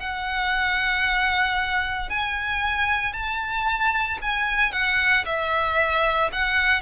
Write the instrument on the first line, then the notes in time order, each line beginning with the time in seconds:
violin
0.00 F#5
2.10 G#5
3.13 A5
4.22 G#5
4.73 F#5
5.25 E5
6.33 F#5